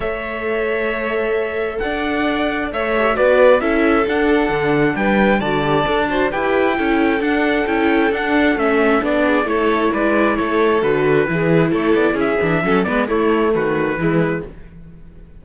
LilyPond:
<<
  \new Staff \with { instrumentName = "trumpet" } { \time 4/4 \tempo 4 = 133 e''1 | fis''2 e''4 d''4 | e''4 fis''2 g''4 | a''2 g''2 |
fis''4 g''4 fis''4 e''4 | d''4 cis''4 d''4 cis''4 | b'2 cis''8 d''8 e''4~ | e''8 d''8 cis''4 b'2 | }
  \new Staff \with { instrumentName = "violin" } { \time 4/4 cis''1 | d''2 cis''4 b'4 | a'2. b'4 | d''4. c''8 b'4 a'4~ |
a'1~ | a'8 gis'8 a'4 b'4 a'4~ | a'4 gis'4 a'4 gis'4 | a'8 b'8 e'4 fis'4 e'4 | }
  \new Staff \with { instrumentName = "viola" } { \time 4/4 a'1~ | a'2~ a'8 g'8 fis'4 | e'4 d'2. | fis'8 g'8 a'8 fis'8 g'4 e'4 |
d'4 e'4 d'4 cis'4 | d'4 e'2. | fis'4 e'2~ e'8 d'8 | cis'8 b8 a2 gis4 | }
  \new Staff \with { instrumentName = "cello" } { \time 4/4 a1 | d'2 a4 b4 | cis'4 d'4 d4 g4 | d4 d'4 e'4 cis'4 |
d'4 cis'4 d'4 a4 | b4 a4 gis4 a4 | d4 e4 a8 b8 cis'8 e8 | fis8 gis8 a4 dis4 e4 | }
>>